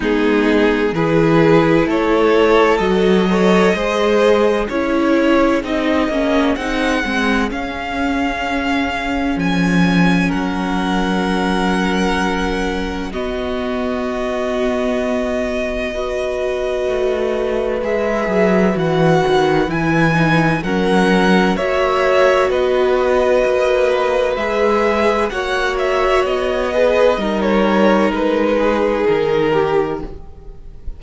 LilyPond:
<<
  \new Staff \with { instrumentName = "violin" } { \time 4/4 \tempo 4 = 64 gis'4 b'4 cis''4 dis''4~ | dis''4 cis''4 dis''4 fis''4 | f''2 gis''4 fis''4~ | fis''2 dis''2~ |
dis''2. e''4 | fis''4 gis''4 fis''4 e''4 | dis''2 e''4 fis''8 e''8 | dis''4~ dis''16 cis''8. b'4 ais'4 | }
  \new Staff \with { instrumentName = "violin" } { \time 4/4 dis'4 gis'4 a'4. cis''8 | c''4 gis'2.~ | gis'2. ais'4~ | ais'2 fis'2~ |
fis'4 b'2.~ | b'2 ais'4 cis''4 | b'2. cis''4~ | cis''8 b'8 ais'4. gis'4 g'8 | }
  \new Staff \with { instrumentName = "viola" } { \time 4/4 b4 e'2 fis'8 a'8 | gis'4 e'4 dis'8 cis'8 dis'8 c'8 | cis'1~ | cis'2 b2~ |
b4 fis'2 gis'4 | fis'4 e'8 dis'8 cis'4 fis'4~ | fis'2 gis'4 fis'4~ | fis'8 gis'8 dis'2. | }
  \new Staff \with { instrumentName = "cello" } { \time 4/4 gis4 e4 a4 fis4 | gis4 cis'4 c'8 ais8 c'8 gis8 | cis'2 f4 fis4~ | fis2 b2~ |
b2 a4 gis8 fis8 | e8 dis8 e4 fis4 ais4 | b4 ais4 gis4 ais4 | b4 g4 gis4 dis4 | }
>>